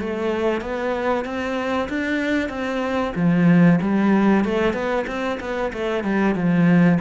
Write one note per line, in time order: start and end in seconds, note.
0.00 0.61 A3
0.61 1.25 B3
1.25 1.89 C4
1.89 2.49 D4
2.49 3.13 C4
3.16 3.79 F3
3.82 4.45 G3
4.45 4.73 A3
4.73 5.05 B3
5.07 5.39 C4
5.41 5.72 B3
5.73 6.04 A3
6.04 6.35 G3
6.35 6.99 F3